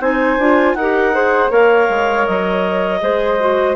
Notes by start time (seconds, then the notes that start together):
0.00 C4 D#4 C5 G#5
0.38 D4 F4
0.75 D#4 G4 A#4 F#5
1.13 G#4 C5
1.51 A#3 A#4 C#5 F5
1.90 G#3
2.26 F#3 D#5
3.01 G#3 G#4 C5
3.40 F#4